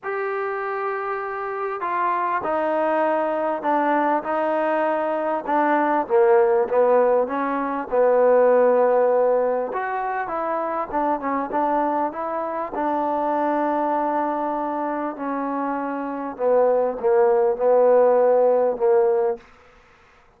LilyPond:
\new Staff \with { instrumentName = "trombone" } { \time 4/4 \tempo 4 = 99 g'2. f'4 | dis'2 d'4 dis'4~ | dis'4 d'4 ais4 b4 | cis'4 b2. |
fis'4 e'4 d'8 cis'8 d'4 | e'4 d'2.~ | d'4 cis'2 b4 | ais4 b2 ais4 | }